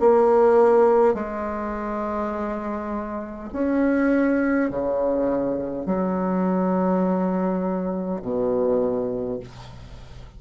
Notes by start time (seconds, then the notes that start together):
0.00 A#3
1.14 G#3
3.52 C#4
4.70 C#3
5.86 F#3
8.22 B2